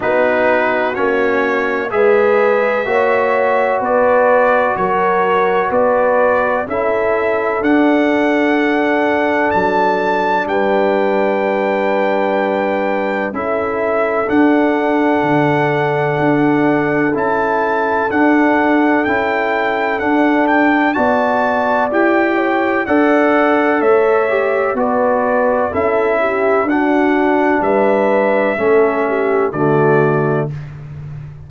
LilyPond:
<<
  \new Staff \with { instrumentName = "trumpet" } { \time 4/4 \tempo 4 = 63 b'4 cis''4 e''2 | d''4 cis''4 d''4 e''4 | fis''2 a''4 g''4~ | g''2 e''4 fis''4~ |
fis''2 a''4 fis''4 | g''4 fis''8 g''8 a''4 g''4 | fis''4 e''4 d''4 e''4 | fis''4 e''2 d''4 | }
  \new Staff \with { instrumentName = "horn" } { \time 4/4 fis'2 b'4 cis''4 | b'4 ais'4 b'4 a'4~ | a'2. b'4~ | b'2 a'2~ |
a'1~ | a'2 d''4. cis''8 | d''4 cis''4 b'4 a'8 g'8 | fis'4 b'4 a'8 g'8 fis'4 | }
  \new Staff \with { instrumentName = "trombone" } { \time 4/4 dis'4 cis'4 gis'4 fis'4~ | fis'2. e'4 | d'1~ | d'2 e'4 d'4~ |
d'2 e'4 d'4 | e'4 d'4 fis'4 g'4 | a'4. g'8 fis'4 e'4 | d'2 cis'4 a4 | }
  \new Staff \with { instrumentName = "tuba" } { \time 4/4 b4 ais4 gis4 ais4 | b4 fis4 b4 cis'4 | d'2 fis4 g4~ | g2 cis'4 d'4 |
d4 d'4 cis'4 d'4 | cis'4 d'4 b4 e'4 | d'4 a4 b4 cis'4 | d'4 g4 a4 d4 | }
>>